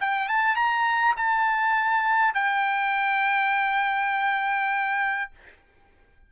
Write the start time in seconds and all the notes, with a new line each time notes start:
0.00 G5
0.29 A5
0.56 A#5
1.16 A5
2.34 G5